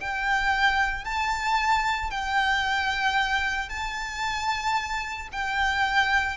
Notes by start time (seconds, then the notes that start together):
0.00 G5
1.05 A5
2.10 G5
3.69 A5
5.32 G5